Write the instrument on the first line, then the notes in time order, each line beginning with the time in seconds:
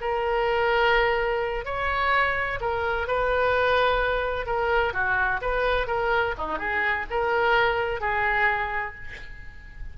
oboe
0.00 A#4
1.64 C#5
2.60 A#4
3.07 B4
4.46 A#4
4.93 F#4
5.41 B4
5.87 A#4
6.37 D#4
6.58 G#4
7.10 A#4
8.00 G#4